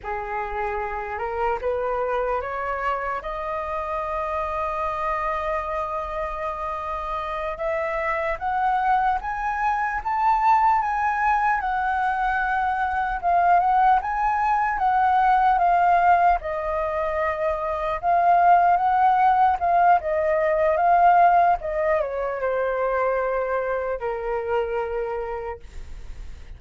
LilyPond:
\new Staff \with { instrumentName = "flute" } { \time 4/4 \tempo 4 = 75 gis'4. ais'8 b'4 cis''4 | dis''1~ | dis''4. e''4 fis''4 gis''8~ | gis''8 a''4 gis''4 fis''4.~ |
fis''8 f''8 fis''8 gis''4 fis''4 f''8~ | f''8 dis''2 f''4 fis''8~ | fis''8 f''8 dis''4 f''4 dis''8 cis''8 | c''2 ais'2 | }